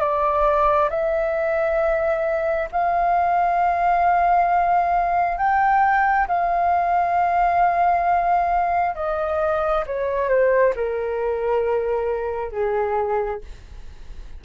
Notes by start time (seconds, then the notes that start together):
0.00 D5
0.90 E5
2.72 F5
5.38 G5
6.28 F5
8.96 D#5
9.87 C#5
10.29 C5
10.76 A#4
12.52 G#4